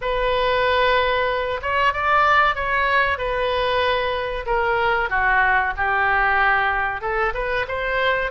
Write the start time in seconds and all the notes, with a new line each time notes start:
0.01 B4
1.62 C#5
1.93 D5
2.55 C#5
3.18 B4
4.46 A#4
5.09 F#4
5.76 G4
7.01 A4
7.34 B4
7.68 C5